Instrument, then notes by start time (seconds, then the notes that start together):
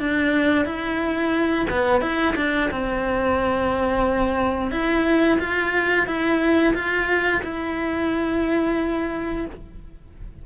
cello
0.00 D4
0.65 E4
1.70 B3
2.01 E4
2.36 D4
2.71 C4
4.72 E4
5.40 F4
6.07 E4
6.74 F4
7.44 E4